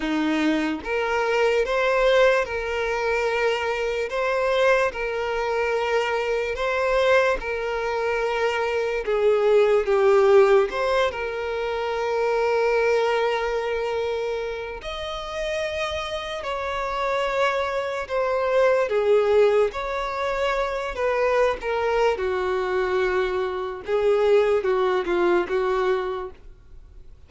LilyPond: \new Staff \with { instrumentName = "violin" } { \time 4/4 \tempo 4 = 73 dis'4 ais'4 c''4 ais'4~ | ais'4 c''4 ais'2 | c''4 ais'2 gis'4 | g'4 c''8 ais'2~ ais'8~ |
ais'2 dis''2 | cis''2 c''4 gis'4 | cis''4. b'8. ais'8. fis'4~ | fis'4 gis'4 fis'8 f'8 fis'4 | }